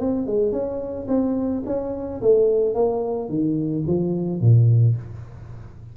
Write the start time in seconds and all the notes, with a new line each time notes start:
0.00 C4
0.27 G#3
0.52 C#4
1.08 C4
1.66 C#4
2.21 A3
2.75 A#3
3.29 D#3
3.87 F3
4.41 A#2